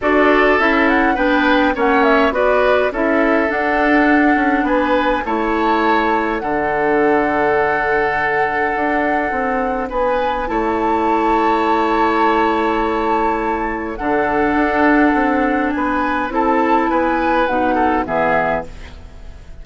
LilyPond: <<
  \new Staff \with { instrumentName = "flute" } { \time 4/4 \tempo 4 = 103 d''4 e''8 fis''8 g''4 fis''8 e''8 | d''4 e''4 fis''2 | gis''4 a''2 fis''4~ | fis''1~ |
fis''4 gis''4 a''2~ | a''1 | fis''2. gis''4 | a''4 gis''4 fis''4 e''4 | }
  \new Staff \with { instrumentName = "oboe" } { \time 4/4 a'2 b'4 cis''4 | b'4 a'2. | b'4 cis''2 a'4~ | a'1~ |
a'4 b'4 cis''2~ | cis''1 | a'2. b'4 | a'4 b'4. a'8 gis'4 | }
  \new Staff \with { instrumentName = "clarinet" } { \time 4/4 fis'4 e'4 d'4 cis'4 | fis'4 e'4 d'2~ | d'4 e'2 d'4~ | d'1~ |
d'2 e'2~ | e'1 | d'1 | e'2 dis'4 b4 | }
  \new Staff \with { instrumentName = "bassoon" } { \time 4/4 d'4 cis'4 b4 ais4 | b4 cis'4 d'4. cis'8 | b4 a2 d4~ | d2. d'4 |
c'4 b4 a2~ | a1 | d4 d'4 c'4 b4 | c'4 b4 b,4 e4 | }
>>